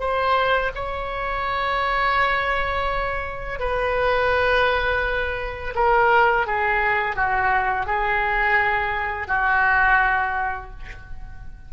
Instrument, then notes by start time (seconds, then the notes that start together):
oboe
0.00 C5
0.75 C#5
3.60 B4
5.75 A#4
6.47 G#4
7.16 F#4
7.86 G#4
9.28 F#4